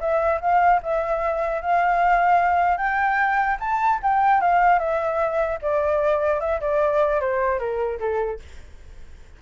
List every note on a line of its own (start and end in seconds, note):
0.00 0.40 E5
0.41 0.81 F5
0.82 1.61 E5
1.61 2.77 F5
2.77 3.57 G5
3.60 4.00 A5
4.02 4.41 G5
4.41 4.79 F5
4.79 5.59 E5
5.61 6.40 D5
6.40 6.60 E5
6.60 7.20 D5
7.20 7.59 C5
7.59 7.99 A#4
8.00 8.40 A4